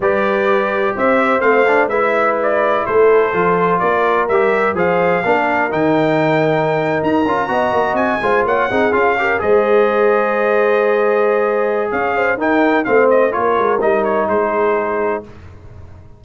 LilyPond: <<
  \new Staff \with { instrumentName = "trumpet" } { \time 4/4 \tempo 4 = 126 d''2 e''4 f''4 | e''4 d''4 c''2 | d''4 e''4 f''2 | g''2~ g''8. ais''4~ ais''16~ |
ais''8. gis''4 fis''4 f''4 dis''16~ | dis''1~ | dis''4 f''4 g''4 f''8 dis''8 | cis''4 dis''8 cis''8 c''2 | }
  \new Staff \with { instrumentName = "horn" } { \time 4/4 b'2 c''2 | b'2 a'2 | ais'2 c''4 ais'4~ | ais'2.~ ais'8. dis''16~ |
dis''4~ dis''16 c''8 cis''8 gis'4 ais'8 c''16~ | c''1~ | c''4 cis''8 c''8 ais'4 c''4 | ais'2 gis'2 | }
  \new Staff \with { instrumentName = "trombone" } { \time 4/4 g'2. c'8 d'8 | e'2. f'4~ | f'4 g'4 gis'4 d'4 | dis'2.~ dis'16 f'8 fis'16~ |
fis'4~ fis'16 f'4 dis'8 f'8 g'8 gis'16~ | gis'1~ | gis'2 dis'4 c'4 | f'4 dis'2. | }
  \new Staff \with { instrumentName = "tuba" } { \time 4/4 g2 c'4 a4 | gis2 a4 f4 | ais4 g4 f4 ais4 | dis2~ dis8. dis'8 cis'8 b16~ |
b16 ais8 c'8 gis8 ais8 c'8 cis'4 gis16~ | gis1~ | gis4 cis'4 dis'4 a4 | ais8 gis8 g4 gis2 | }
>>